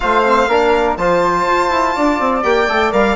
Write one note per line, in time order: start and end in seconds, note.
0.00 0.47 A3
0.00 0.24 F4
0.00 0.48 C5
0.00 0.96 F5
0.24 0.49 C4
0.47 0.96 A#3
0.47 0.98 D4
0.47 0.97 A#4
0.96 1.45 F3
0.96 2.42 F4
0.96 1.95 C5
0.96 2.43 A5
1.46 1.69 F4
1.69 1.93 E4
1.95 2.19 D4
1.95 3.15 D5
2.19 2.43 C4
2.42 2.68 A#3
2.42 2.66 G4
2.42 2.91 G5
2.68 2.92 A3
2.68 2.92 A4
2.92 3.15 G3
2.92 3.15 A#4
2.92 3.15 F5